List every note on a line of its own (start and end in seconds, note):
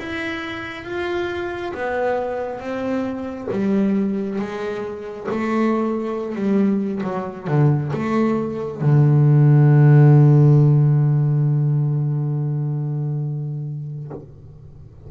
0.00 0.85 E4
0.85 1.73 F4
1.74 2.60 B3
2.60 3.48 C4
3.51 4.40 G3
4.40 5.28 G#3
5.31 6.36 A3
6.36 7.02 G3
7.04 7.48 F#3
7.48 7.92 D3
7.94 8.82 A3
8.82 14.11 D3